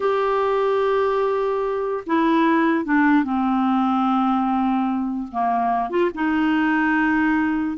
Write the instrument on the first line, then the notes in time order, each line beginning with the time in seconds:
clarinet
0.00 G4
2.06 E4
2.85 D4
3.23 C4
5.31 A#3
5.90 F4
6.14 D#4